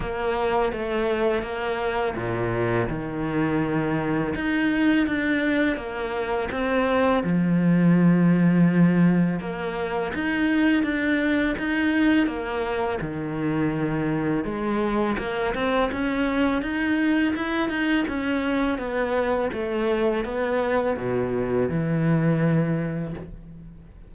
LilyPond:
\new Staff \with { instrumentName = "cello" } { \time 4/4 \tempo 4 = 83 ais4 a4 ais4 ais,4 | dis2 dis'4 d'4 | ais4 c'4 f2~ | f4 ais4 dis'4 d'4 |
dis'4 ais4 dis2 | gis4 ais8 c'8 cis'4 dis'4 | e'8 dis'8 cis'4 b4 a4 | b4 b,4 e2 | }